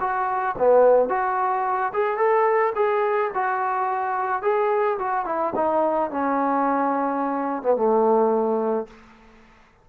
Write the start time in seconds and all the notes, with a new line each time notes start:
0.00 F#4
0.58 B3
1.09 F#4
1.93 G#4
2.17 A4
2.75 G#4
3.34 F#4
4.42 G#4
4.98 F#4
5.26 E4
5.55 D#4
6.10 C#4
7.62 B3
7.76 A3